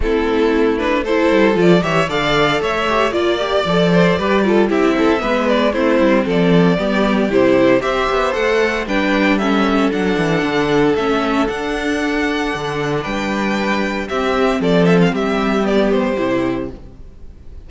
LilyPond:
<<
  \new Staff \with { instrumentName = "violin" } { \time 4/4 \tempo 4 = 115 a'4. b'8 c''4 d''8 e''8 | f''4 e''4 d''2~ | d''4 e''4. d''8 c''4 | d''2 c''4 e''4 |
fis''4 g''4 e''4 fis''4~ | fis''4 e''4 fis''2~ | fis''4 g''2 e''4 | d''8 e''16 f''16 e''4 d''8 c''4. | }
  \new Staff \with { instrumentName = "violin" } { \time 4/4 e'2 a'4. cis''8 | d''4 cis''4 d''4. c''8 | b'8 a'8 g'8 a'8 b'4 e'4 | a'4 g'2 c''4~ |
c''4 b'4 a'2~ | a'1~ | a'4 b'2 g'4 | a'4 g'2. | }
  \new Staff \with { instrumentName = "viola" } { \time 4/4 c'4. d'8 e'4 f'8 g'8 | a'4. g'8 f'8 g'8 a'4 | g'8 f'8 e'4 b4 c'4~ | c'4 b4 e'4 g'4 |
a'4 d'4 cis'4 d'4~ | d'4 cis'4 d'2~ | d'2. c'4~ | c'2 b4 e'4 | }
  \new Staff \with { instrumentName = "cello" } { \time 4/4 a2~ a8 g8 f8 e8 | d4 a4 ais4 f4 | g4 c'4 gis4 a8 g8 | f4 g4 c4 c'8 b8 |
a4 g2 fis8 e8 | d4 a4 d'2 | d4 g2 c'4 | f4 g2 c4 | }
>>